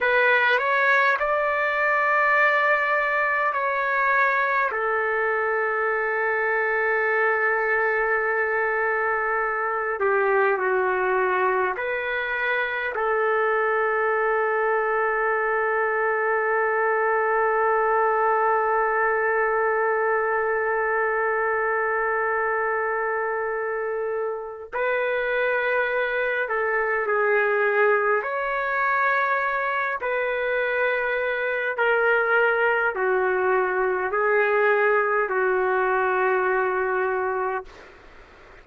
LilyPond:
\new Staff \with { instrumentName = "trumpet" } { \time 4/4 \tempo 4 = 51 b'8 cis''8 d''2 cis''4 | a'1~ | a'8 g'8 fis'4 b'4 a'4~ | a'1~ |
a'1~ | a'4 b'4. a'8 gis'4 | cis''4. b'4. ais'4 | fis'4 gis'4 fis'2 | }